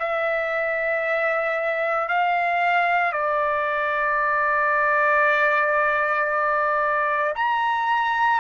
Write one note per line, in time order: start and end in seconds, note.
0.00 2.09 E5
2.09 3.13 F5
3.13 7.34 D5
7.36 8.41 A#5